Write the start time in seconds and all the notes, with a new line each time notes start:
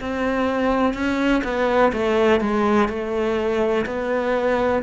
0.00 C4
0.93 C#4
1.43 B3
1.92 A3
2.40 G#3
2.88 A3
3.85 B3